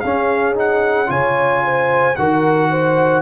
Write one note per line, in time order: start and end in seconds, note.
0.00 1.10 C#4
0.00 0.55 C#4
0.00 1.09 G#4
0.00 0.54 F5
0.55 1.07 D#4
0.55 1.10 F#5
1.07 2.17 C#3
1.07 2.14 F4
1.07 1.63 C#5
1.07 2.16 G#5
1.64 2.18 C5
2.16 3.22 D#3
2.16 3.22 F#4
2.16 2.70 A#4
2.16 3.22 F#5
2.70 3.22 C5